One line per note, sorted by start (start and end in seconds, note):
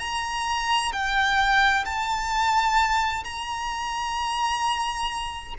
0.00 0.92 A#5
0.93 1.85 G5
1.85 3.24 A5
3.24 5.55 A#5